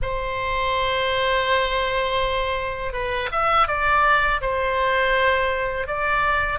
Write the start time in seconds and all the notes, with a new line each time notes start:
0.02 C5
2.92 B4
3.31 E5
3.67 D5
4.41 C5
5.87 D5